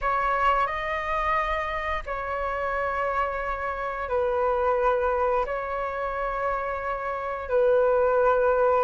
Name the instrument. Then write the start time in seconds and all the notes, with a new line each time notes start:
flute
0.01 C#5
0.66 D#5
2.06 C#5
4.08 B4
5.45 C#5
7.49 B4